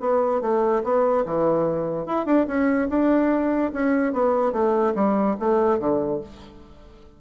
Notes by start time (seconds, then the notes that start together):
0.00 B3
0.41 A3
0.84 B3
1.25 E3
2.06 E4
2.26 D4
2.47 C#4
2.89 D4
3.73 C#4
4.13 B3
4.53 A3
4.95 G3
5.40 A3
5.79 D3